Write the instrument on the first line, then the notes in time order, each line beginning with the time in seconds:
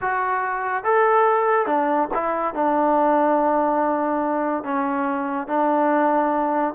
trombone
0.01 F#4
0.84 A4
1.66 D4
2.14 E4
2.54 D4
4.63 C#4
5.47 D4